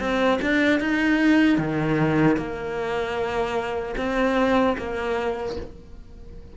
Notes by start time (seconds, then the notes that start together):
0.00 C4
0.42 D4
0.80 D#4
1.58 D#3
2.37 A#3
3.98 C4
4.78 A#3